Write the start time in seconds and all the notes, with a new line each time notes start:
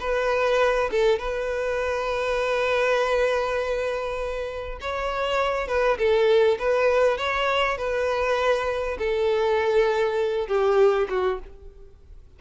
0.00 B4
0.91 A4
1.19 B4
4.81 C#5
5.68 B4
5.98 A4
6.59 B4
7.17 C#5
7.78 B4
8.98 A4
10.48 G4
11.10 F#4